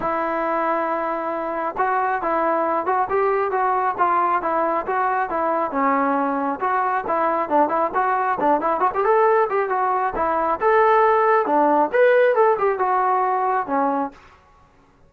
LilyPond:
\new Staff \with { instrumentName = "trombone" } { \time 4/4 \tempo 4 = 136 e'1 | fis'4 e'4. fis'8 g'4 | fis'4 f'4 e'4 fis'4 | e'4 cis'2 fis'4 |
e'4 d'8 e'8 fis'4 d'8 e'8 | fis'16 g'16 a'4 g'8 fis'4 e'4 | a'2 d'4 b'4 | a'8 g'8 fis'2 cis'4 | }